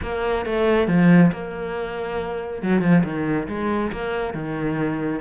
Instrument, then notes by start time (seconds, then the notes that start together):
cello
0.02 A#3
0.45 A3
0.87 F3
1.32 A#3
2.62 F#3
2.81 F3
3.04 D#3
3.48 G#3
3.92 A#3
4.33 D#3